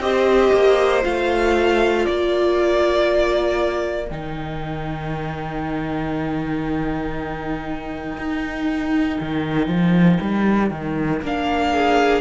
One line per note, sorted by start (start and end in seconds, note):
0.00 0.51 C4
0.00 1.02 G4
0.00 2.08 C5
0.00 1.04 D#5
0.53 1.04 A#3
1.02 2.08 A3
1.02 4.07 F4
1.02 2.06 F5
2.06 4.11 A#3
2.06 11.72 A#4
2.06 4.09 D5
4.10 8.18 D#3
4.10 11.24 D#4
4.10 11.21 G5
8.18 9.20 D#4
9.21 9.68 D#3
9.68 10.19 F3
10.22 10.71 G3
10.71 11.22 D#3
11.22 12.21 A#3
11.22 12.21 D4
11.22 12.21 F5
11.72 12.21 G#4